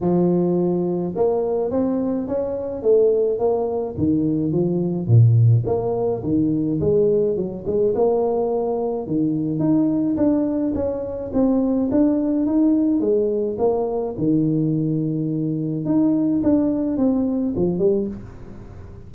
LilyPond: \new Staff \with { instrumentName = "tuba" } { \time 4/4 \tempo 4 = 106 f2 ais4 c'4 | cis'4 a4 ais4 dis4 | f4 ais,4 ais4 dis4 | gis4 fis8 gis8 ais2 |
dis4 dis'4 d'4 cis'4 | c'4 d'4 dis'4 gis4 | ais4 dis2. | dis'4 d'4 c'4 f8 g8 | }